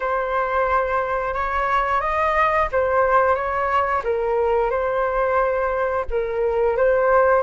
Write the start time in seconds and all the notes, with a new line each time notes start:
0.00 C5
1.34 C#5
2.00 D#5
2.72 C5
3.35 C#5
4.04 A#4
4.70 C5
6.10 A#4
6.76 C5